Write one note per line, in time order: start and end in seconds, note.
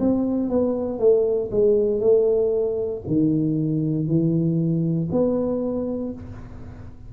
0.00 0.50 C4
0.50 0.99 B3
0.99 1.50 A3
1.52 2.01 G#3
2.01 3.02 A3
3.07 4.08 D#3
4.08 5.09 E3
5.12 6.13 B3